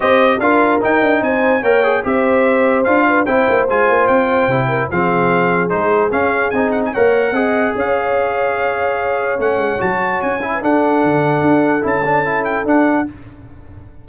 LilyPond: <<
  \new Staff \with { instrumentName = "trumpet" } { \time 4/4 \tempo 4 = 147 dis''4 f''4 g''4 gis''4 | g''4 e''2 f''4 | g''4 gis''4 g''2 | f''2 c''4 f''4 |
gis''8 fis''16 gis''16 fis''2 f''4~ | f''2. fis''4 | a''4 gis''4 fis''2~ | fis''4 a''4. g''8 fis''4 | }
  \new Staff \with { instrumentName = "horn" } { \time 4/4 c''4 ais'2 c''4 | cis''4 c''2~ c''8 b'8 | c''2.~ c''8 ais'8 | gis'1~ |
gis'4 cis''4 dis''4 cis''4~ | cis''1~ | cis''4.~ cis''16 b'16 a'2~ | a'1 | }
  \new Staff \with { instrumentName = "trombone" } { \time 4/4 g'4 f'4 dis'2 | ais'8 gis'8 g'2 f'4 | e'4 f'2 e'4 | c'2 dis'4 cis'4 |
dis'4 ais'4 gis'2~ | gis'2. cis'4 | fis'4. e'8 d'2~ | d'4 e'8 d'8 e'4 d'4 | }
  \new Staff \with { instrumentName = "tuba" } { \time 4/4 c'4 d'4 dis'8 d'8 c'4 | ais4 c'2 d'4 | c'8 ais8 gis8 ais8 c'4 c4 | f2 gis4 cis'4 |
c'4 ais4 c'4 cis'4~ | cis'2. a8 gis8 | fis4 cis'4 d'4 d4 | d'4 cis'2 d'4 | }
>>